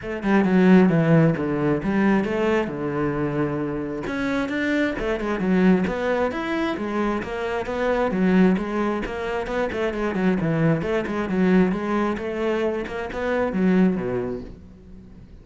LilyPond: \new Staff \with { instrumentName = "cello" } { \time 4/4 \tempo 4 = 133 a8 g8 fis4 e4 d4 | g4 a4 d2~ | d4 cis'4 d'4 a8 gis8 | fis4 b4 e'4 gis4 |
ais4 b4 fis4 gis4 | ais4 b8 a8 gis8 fis8 e4 | a8 gis8 fis4 gis4 a4~ | a8 ais8 b4 fis4 b,4 | }